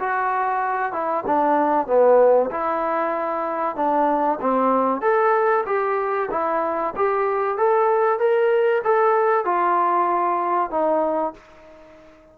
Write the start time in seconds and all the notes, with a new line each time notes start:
0.00 F#4
0.93 E4
1.27 D4
1.87 B3
2.51 E4
3.76 D4
4.41 C4
5.02 A4
5.66 G4
6.31 E4
6.96 G4
7.58 A4
8.19 A#4
8.84 A4
9.45 F4
10.71 D#4